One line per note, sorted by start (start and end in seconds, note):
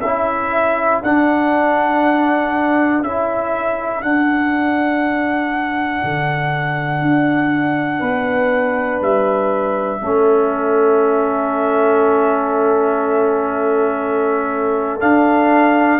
0.00 1.01 C#4
0.00 1.04 E4
0.00 7.99 A4
0.00 1.00 E5
1.02 3.02 D4
1.02 3.04 D4
1.02 3.03 F#5
3.02 4.01 C#4
3.02 4.01 E4
3.02 4.02 E5
4.01 6.01 D4
4.01 10.01 D4
4.01 9.02 F#5
6.04 7.01 D3
7.01 8.01 D4
7.99 9.01 B3
7.99 9.99 B4
9.01 10.01 G3
9.01 15.00 E5
10.02 15.02 A3
10.02 15.00 C#4
10.02 16.00 A4
15.00 16.00 D4
15.00 16.00 F5